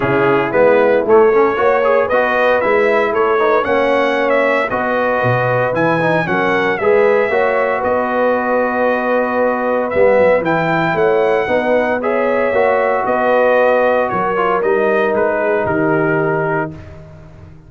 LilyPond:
<<
  \new Staff \with { instrumentName = "trumpet" } { \time 4/4 \tempo 4 = 115 gis'4 b'4 cis''2 | dis''4 e''4 cis''4 fis''4~ | fis''16 e''8. dis''2 gis''4 | fis''4 e''2 dis''4~ |
dis''2. e''4 | g''4 fis''2 e''4~ | e''4 dis''2 cis''4 | dis''4 b'4 ais'2 | }
  \new Staff \with { instrumentName = "horn" } { \time 4/4 e'2~ e'8 a'8 cis''4 | b'2 a'8 b'8 cis''4~ | cis''4 b'2. | ais'4 b'4 cis''4 b'4~ |
b'1~ | b'4 cis''4 b'4 cis''4~ | cis''4 b'2 ais'4~ | ais'4. gis'8 g'2 | }
  \new Staff \with { instrumentName = "trombone" } { \time 4/4 cis'4 b4 a8 cis'8 fis'8 gis'8 | fis'4 e'4. dis'8 cis'4~ | cis'4 fis'2 e'8 dis'8 | cis'4 gis'4 fis'2~ |
fis'2. b4 | e'2 dis'4 gis'4 | fis'2.~ fis'8 f'8 | dis'1 | }
  \new Staff \with { instrumentName = "tuba" } { \time 4/4 cis4 gis4 a4 ais4 | b4 gis4 a4 ais4~ | ais4 b4 b,4 e4 | fis4 gis4 ais4 b4~ |
b2. g8 fis8 | e4 a4 b2 | ais4 b2 fis4 | g4 gis4 dis2 | }
>>